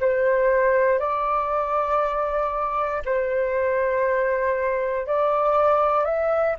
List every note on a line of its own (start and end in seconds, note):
0.00 0.98 C5
0.98 3.02 D5
3.05 5.06 C5
5.06 6.05 D5
6.05 6.55 E5